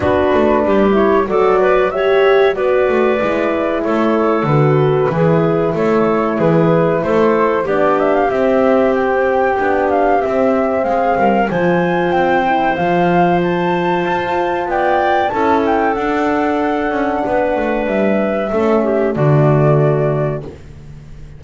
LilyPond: <<
  \new Staff \with { instrumentName = "flute" } { \time 4/4 \tempo 4 = 94 b'4. cis''8 d''4 e''4 | d''2 cis''4 b'4~ | b'4 cis''4 b'4 c''4 | d''8 e''16 f''16 e''4 g''4. f''8 |
e''4 f''4 gis''4 g''4 | f''4 a''2 g''4 | a''8 g''8 fis''2. | e''2 d''2 | }
  \new Staff \with { instrumentName = "clarinet" } { \time 4/4 fis'4 g'4 a'8 b'8 cis''4 | b'2 a'2 | gis'4 a'4 gis'4 a'4 | g'1~ |
g'4 gis'8 ais'8 c''2~ | c''2. d''4 | a'2. b'4~ | b'4 a'8 g'8 fis'2 | }
  \new Staff \with { instrumentName = "horn" } { \time 4/4 d'4. e'8 fis'4 g'4 | fis'4 e'2 fis'4 | e'1 | d'4 c'2 d'4 |
c'2 f'4. e'8 | f'1 | e'4 d'2.~ | d'4 cis'4 a2 | }
  \new Staff \with { instrumentName = "double bass" } { \time 4/4 b8 a8 g4 fis2 | b8 a8 gis4 a4 d4 | e4 a4 e4 a4 | b4 c'2 b4 |
c'4 gis8 g8 f4 c'4 | f2 f'4 b4 | cis'4 d'4. cis'8 b8 a8 | g4 a4 d2 | }
>>